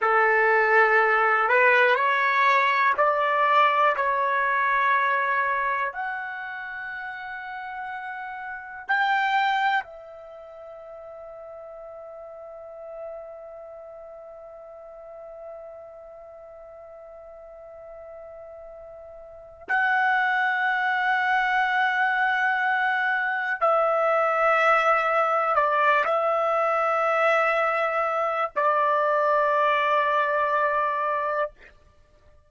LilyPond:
\new Staff \with { instrumentName = "trumpet" } { \time 4/4 \tempo 4 = 61 a'4. b'8 cis''4 d''4 | cis''2 fis''2~ | fis''4 g''4 e''2~ | e''1~ |
e''1 | fis''1 | e''2 d''8 e''4.~ | e''4 d''2. | }